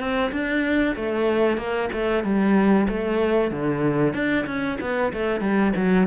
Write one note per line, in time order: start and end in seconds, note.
0.00 0.32 C4
0.32 0.96 D4
0.96 1.58 A3
1.58 1.90 A#3
1.93 2.24 A3
2.24 2.88 G3
2.89 3.51 A3
3.51 4.14 D3
4.14 4.46 D4
4.47 4.79 C#4
4.81 5.13 B3
5.14 5.41 A3
5.41 5.73 G3
5.76 6.08 F#3